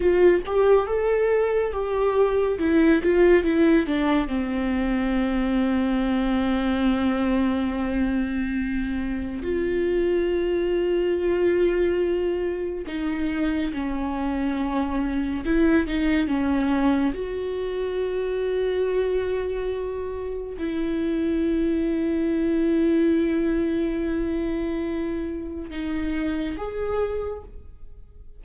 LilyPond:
\new Staff \with { instrumentName = "viola" } { \time 4/4 \tempo 4 = 70 f'8 g'8 a'4 g'4 e'8 f'8 | e'8 d'8 c'2.~ | c'2. f'4~ | f'2. dis'4 |
cis'2 e'8 dis'8 cis'4 | fis'1 | e'1~ | e'2 dis'4 gis'4 | }